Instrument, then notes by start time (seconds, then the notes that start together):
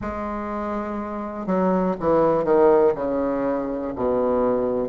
bassoon
0.01 G#3
1.46 F#3
2.00 E3
2.44 D#3
2.94 C#3
3.95 B2